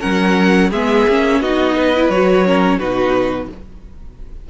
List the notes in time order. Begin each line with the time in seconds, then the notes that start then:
0.00 F#3 C#4 A#4 F#5
0.70 G#3 B3 G#4 E5
1.07 A#3 C#4
1.40 B3 D#4 F#4 D#5
1.77 B4
1.94 E4
2.09 F#3 F#4 C#5
2.45 C#4 A#4
2.78 B2 D#4 F#4 B4